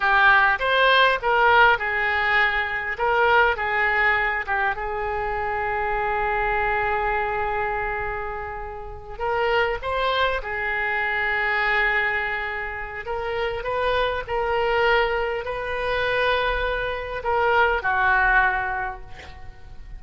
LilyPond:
\new Staff \with { instrumentName = "oboe" } { \time 4/4 \tempo 4 = 101 g'4 c''4 ais'4 gis'4~ | gis'4 ais'4 gis'4. g'8 | gis'1~ | gis'2.~ gis'8 ais'8~ |
ais'8 c''4 gis'2~ gis'8~ | gis'2 ais'4 b'4 | ais'2 b'2~ | b'4 ais'4 fis'2 | }